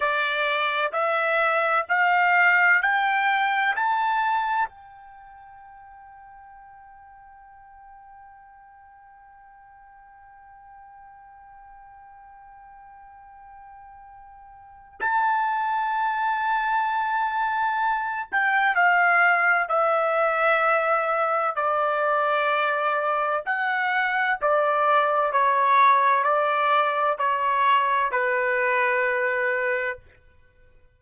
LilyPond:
\new Staff \with { instrumentName = "trumpet" } { \time 4/4 \tempo 4 = 64 d''4 e''4 f''4 g''4 | a''4 g''2.~ | g''1~ | g''1 |
a''2.~ a''8 g''8 | f''4 e''2 d''4~ | d''4 fis''4 d''4 cis''4 | d''4 cis''4 b'2 | }